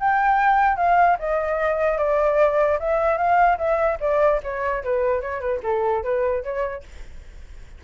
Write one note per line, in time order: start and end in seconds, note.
0.00 0.77 G5
0.77 1.17 F5
1.19 1.98 D#5
1.98 2.79 D5
2.80 3.18 E5
3.18 3.58 F5
3.58 3.98 E5
4.00 4.41 D5
4.43 4.84 C#5
4.84 5.21 B4
5.21 5.41 C#5
5.41 5.61 B4
5.63 6.04 A4
6.04 6.44 B4
6.44 6.84 C#5